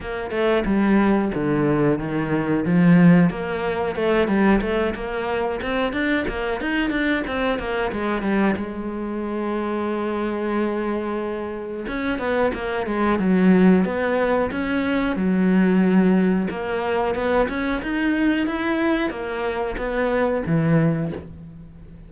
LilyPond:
\new Staff \with { instrumentName = "cello" } { \time 4/4 \tempo 4 = 91 ais8 a8 g4 d4 dis4 | f4 ais4 a8 g8 a8 ais8~ | ais8 c'8 d'8 ais8 dis'8 d'8 c'8 ais8 | gis8 g8 gis2.~ |
gis2 cis'8 b8 ais8 gis8 | fis4 b4 cis'4 fis4~ | fis4 ais4 b8 cis'8 dis'4 | e'4 ais4 b4 e4 | }